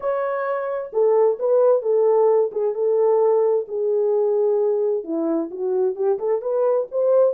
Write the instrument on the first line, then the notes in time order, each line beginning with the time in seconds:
horn
0.00 C#5
0.92 A4
1.39 B4
1.82 A4
2.51 G#4
2.74 A4
3.67 G#4
5.04 E4
5.50 F#4
5.95 G4
6.18 A4
6.41 B4
6.91 C5